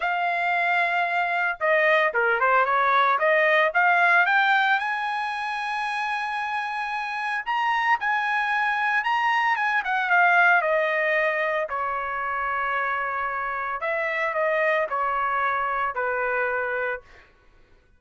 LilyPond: \new Staff \with { instrumentName = "trumpet" } { \time 4/4 \tempo 4 = 113 f''2. dis''4 | ais'8 c''8 cis''4 dis''4 f''4 | g''4 gis''2.~ | gis''2 ais''4 gis''4~ |
gis''4 ais''4 gis''8 fis''8 f''4 | dis''2 cis''2~ | cis''2 e''4 dis''4 | cis''2 b'2 | }